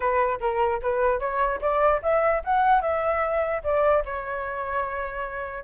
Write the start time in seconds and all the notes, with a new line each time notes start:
0.00 B4
0.40 A#4
0.82 B4
1.19 C#5
1.61 D5
2.02 E5
2.44 F#5
2.81 E5
3.63 D5
4.05 C#5